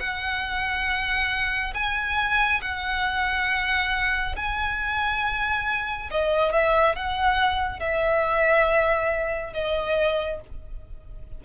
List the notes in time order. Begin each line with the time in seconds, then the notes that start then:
0.00 F#5
1.74 G#5
2.62 F#5
4.37 G#5
6.11 D#5
6.53 E5
6.96 F#5
7.80 E5
9.54 D#5